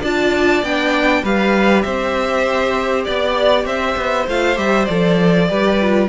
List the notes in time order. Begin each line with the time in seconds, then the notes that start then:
0.00 D4 F4 D5 A5
0.62 B3 D4 G5
1.23 G3 G4 B4 F5
1.82 C4 C5 E5
3.04 B3 D5
3.65 C4 C5 E5
3.96 B3
4.28 A3 F4 F5
4.55 G3 G4 E5
4.84 F3 A4 D5
5.47 G3 G4 B4
5.81 F4